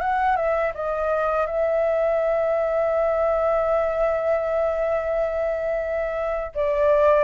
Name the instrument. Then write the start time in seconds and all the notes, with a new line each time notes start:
flute
0.00 F#5
0.36 E5
0.74 D#5
1.46 E5
6.55 D5